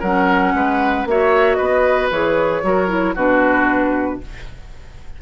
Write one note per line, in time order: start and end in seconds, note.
0.00 0.54 F#3
0.00 1.09 C#4
0.00 0.52 A#4
0.00 1.06 F#5
0.54 1.05 G#3
0.54 1.08 B4
1.05 1.57 A#3
1.05 2.12 F#4
1.05 1.57 C#5
1.05 1.54 E5
1.54 2.10 B3
1.54 2.61 B4
1.54 2.07 D#5
2.10 2.62 E3
2.10 2.63 G#4
2.10 3.16 C#5
2.63 3.15 F#3
2.63 2.88 F#4
2.63 3.14 A#4
2.88 3.14 E4
3.14 4.19 B2
3.14 4.21 D4
3.14 4.19 F#4
3.14 4.21 B4